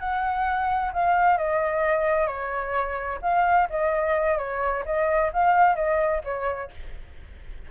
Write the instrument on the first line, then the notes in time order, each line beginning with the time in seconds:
flute
0.00 F#5
0.94 F5
1.38 D#5
2.27 C#5
3.22 F5
3.70 D#5
4.38 C#5
4.86 D#5
5.34 F5
5.76 D#5
6.25 C#5